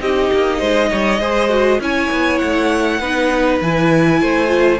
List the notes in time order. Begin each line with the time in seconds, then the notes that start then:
0.00 C4 D#4 G4 D#5
0.33 A#3
0.59 G#3 C5
0.90 G3 C#5
1.20 G#3 G#4 C5
1.49 F#4
1.79 C#4 E4 C#5 G#5
2.11 B3
2.38 A3 F#5
3.00 B3 D#4 B4
3.61 E3 E4 G#5
4.21 A3 C5
4.48 F4